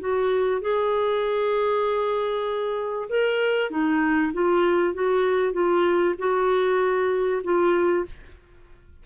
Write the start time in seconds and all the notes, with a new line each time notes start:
0.00 F#4
0.61 G#4
3.09 A#4
3.70 D#4
4.33 F4
4.94 F#4
5.53 F4
6.18 F#4
7.43 F4